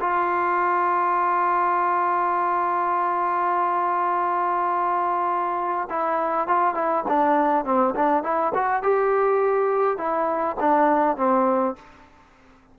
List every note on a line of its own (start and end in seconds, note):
0.00 5.88 F4
5.89 6.47 E4
6.47 6.74 F4
6.74 7.04 E4
7.07 7.65 D4
7.65 7.94 C4
7.95 8.23 D4
8.23 8.52 E4
8.54 8.82 F#4
8.82 9.97 G4
9.97 10.56 E4
10.60 11.16 D4
11.16 11.75 C4